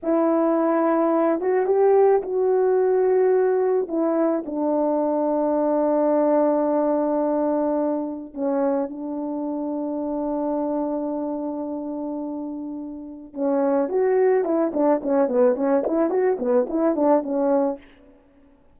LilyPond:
\new Staff \with { instrumentName = "horn" } { \time 4/4 \tempo 4 = 108 e'2~ e'8 fis'8 g'4 | fis'2. e'4 | d'1~ | d'2. cis'4 |
d'1~ | d'1 | cis'4 fis'4 e'8 d'8 cis'8 b8 | cis'8 e'8 fis'8 b8 e'8 d'8 cis'4 | }